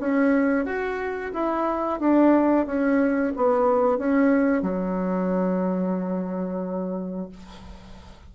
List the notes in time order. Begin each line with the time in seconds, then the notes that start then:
0.00 C#4
0.66 F#4
1.33 E4
2.00 D4
2.67 C#4
3.36 B3
3.98 C#4
4.62 F#3